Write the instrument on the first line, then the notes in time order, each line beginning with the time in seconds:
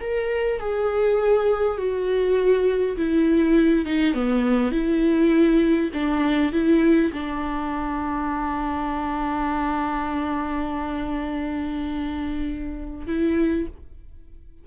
viola
0.00 A#4
0.59 G#4
1.77 F#4
2.96 E4
3.85 D#4
4.13 B3
4.71 E4
5.93 D4
6.52 E4
7.12 D4
13.07 E4